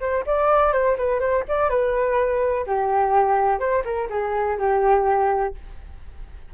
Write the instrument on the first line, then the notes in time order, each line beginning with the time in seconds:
flute
0.00 C5
0.26 D5
0.72 C5
0.97 B4
1.20 C5
1.48 D5
1.69 B4
2.66 G4
3.59 C5
3.84 A#4
4.10 G#4
4.58 G4